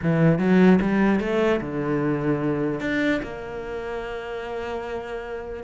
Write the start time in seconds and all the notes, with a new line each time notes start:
0.02 E3
0.38 F#3
0.81 G3
1.20 A3
1.60 D3
2.80 D4
3.22 A#3